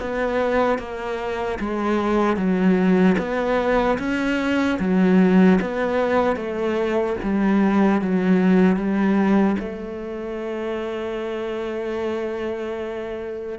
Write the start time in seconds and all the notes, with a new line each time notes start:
0.00 B3
0.78 A#3
1.59 G#3
2.36 F#3
3.18 B3
3.99 C#4
4.79 F#3
5.61 B3
6.36 A3
7.23 G3
8.01 F#3
8.76 G3
9.59 A3